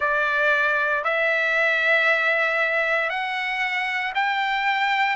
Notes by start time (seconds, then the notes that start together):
0.00 D5
1.03 E5
3.09 F#5
4.14 G5